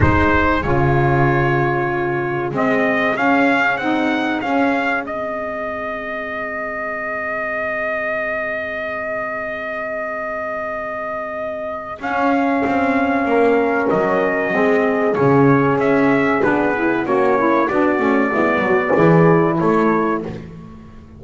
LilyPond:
<<
  \new Staff \with { instrumentName = "trumpet" } { \time 4/4 \tempo 4 = 95 c''4 cis''2. | dis''4 f''4 fis''4 f''4 | dis''1~ | dis''1~ |
dis''2. f''4~ | f''2 dis''2 | cis''4 e''4 b'4 cis''4 | d''2. cis''4 | }
  \new Staff \with { instrumentName = "horn" } { \time 4/4 gis'1~ | gis'1~ | gis'1~ | gis'1~ |
gis'1~ | gis'4 ais'2 gis'4~ | gis'2. cis'4 | fis'4 e'8 fis'8 gis'4 a'4 | }
  \new Staff \with { instrumentName = "saxophone" } { \time 4/4 dis'4 f'2. | c'4 cis'4 dis'4 cis'4 | c'1~ | c'1~ |
c'2. cis'4~ | cis'2. c'4 | cis'2 d'8 e'8 fis'8 e'8 | d'8 cis'8 b4 e'2 | }
  \new Staff \with { instrumentName = "double bass" } { \time 4/4 gis4 cis2. | gis4 cis'4 c'4 cis'4 | gis1~ | gis1~ |
gis2. cis'4 | c'4 ais4 fis4 gis4 | cis4 cis'4 b4 ais4 | b8 a8 gis8 fis8 e4 a4 | }
>>